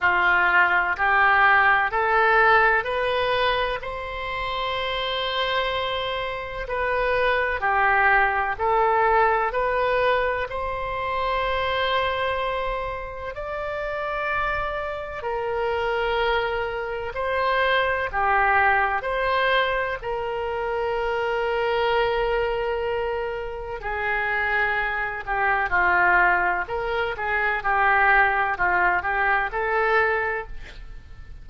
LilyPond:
\new Staff \with { instrumentName = "oboe" } { \time 4/4 \tempo 4 = 63 f'4 g'4 a'4 b'4 | c''2. b'4 | g'4 a'4 b'4 c''4~ | c''2 d''2 |
ais'2 c''4 g'4 | c''4 ais'2.~ | ais'4 gis'4. g'8 f'4 | ais'8 gis'8 g'4 f'8 g'8 a'4 | }